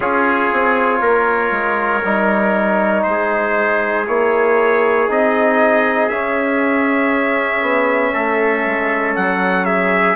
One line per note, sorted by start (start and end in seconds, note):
0.00 0.50 C#4
0.00 2.02 F4
0.00 1.00 G#4
0.00 3.03 C#5
0.52 1.00 C4
1.00 1.51 A#3
1.00 3.04 A#4
1.51 2.02 G#3
2.03 3.05 G3
2.03 4.06 D#4
3.03 4.07 G#3
3.03 4.05 C5
3.10 8.12 G#4
4.06 5.09 A#3
4.06 5.07 E4
4.06 5.09 C#5
5.07 6.11 C4
5.07 6.09 D#4
5.07 6.08 D#5
6.08 7.61 C#4
6.08 10.16 C#4
6.08 9.14 E5
7.61 8.12 B3
8.12 8.65 A3
8.12 9.65 A4
8.65 9.16 G#3
9.15 10.16 F#3
9.15 9.65 F#5
9.65 10.16 G#4
9.65 10.16 E5